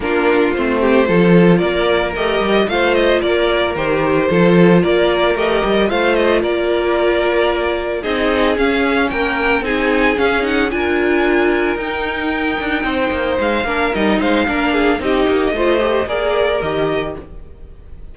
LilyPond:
<<
  \new Staff \with { instrumentName = "violin" } { \time 4/4 \tempo 4 = 112 ais'4 c''2 d''4 | dis''4 f''8 dis''8 d''4 c''4~ | c''4 d''4 dis''4 f''8 dis''8 | d''2. dis''4 |
f''4 g''4 gis''4 f''8 fis''8 | gis''2 g''2~ | g''4 f''4 dis''8 f''4. | dis''2 d''4 dis''4 | }
  \new Staff \with { instrumentName = "violin" } { \time 4/4 f'4. g'8 a'4 ais'4~ | ais'4 c''4 ais'2 | a'4 ais'2 c''4 | ais'2. gis'4~ |
gis'4 ais'4 gis'2 | ais'1 | c''4. ais'4 c''8 ais'8 gis'8 | g'4 c''4 ais'2 | }
  \new Staff \with { instrumentName = "viola" } { \time 4/4 d'4 c'4 f'2 | g'4 f'2 g'4 | f'2 g'4 f'4~ | f'2. dis'4 |
cis'2 dis'4 cis'8 dis'8 | f'2 dis'2~ | dis'4. d'8 dis'4 d'4 | dis'4 f'8 g'8 gis'4 g'4 | }
  \new Staff \with { instrumentName = "cello" } { \time 4/4 ais4 a4 f4 ais4 | a8 g8 a4 ais4 dis4 | f4 ais4 a8 g8 a4 | ais2. c'4 |
cis'4 ais4 c'4 cis'4 | d'2 dis'4. d'8 | c'8 ais8 gis8 ais8 g8 gis8 ais4 | c'8 ais8 a4 ais4 dis4 | }
>>